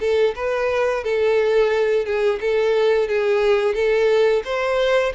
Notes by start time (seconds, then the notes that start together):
0.00 A4
0.35 B4
1.04 A4
2.05 G#4
2.40 A4
3.08 G#4
3.74 A4
4.44 C5